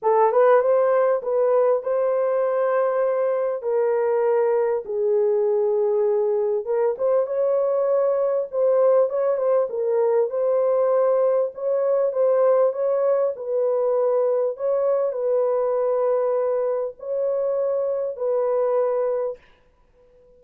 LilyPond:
\new Staff \with { instrumentName = "horn" } { \time 4/4 \tempo 4 = 99 a'8 b'8 c''4 b'4 c''4~ | c''2 ais'2 | gis'2. ais'8 c''8 | cis''2 c''4 cis''8 c''8 |
ais'4 c''2 cis''4 | c''4 cis''4 b'2 | cis''4 b'2. | cis''2 b'2 | }